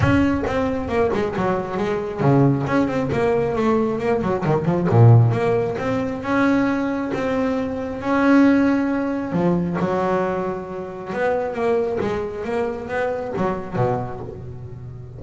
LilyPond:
\new Staff \with { instrumentName = "double bass" } { \time 4/4 \tempo 4 = 135 cis'4 c'4 ais8 gis8 fis4 | gis4 cis4 cis'8 c'8 ais4 | a4 ais8 fis8 dis8 f8 ais,4 | ais4 c'4 cis'2 |
c'2 cis'2~ | cis'4 f4 fis2~ | fis4 b4 ais4 gis4 | ais4 b4 fis4 b,4 | }